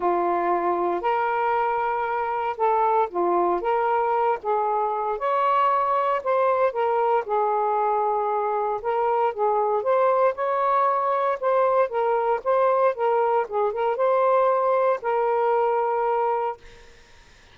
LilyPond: \new Staff \with { instrumentName = "saxophone" } { \time 4/4 \tempo 4 = 116 f'2 ais'2~ | ais'4 a'4 f'4 ais'4~ | ais'8 gis'4. cis''2 | c''4 ais'4 gis'2~ |
gis'4 ais'4 gis'4 c''4 | cis''2 c''4 ais'4 | c''4 ais'4 gis'8 ais'8 c''4~ | c''4 ais'2. | }